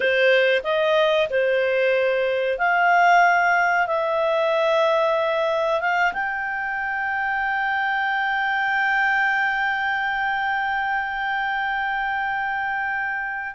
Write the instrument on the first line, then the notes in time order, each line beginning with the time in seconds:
clarinet
0.00 C5
0.63 D#5
1.29 C5
2.58 F5
3.87 E5
5.80 F5
6.13 G5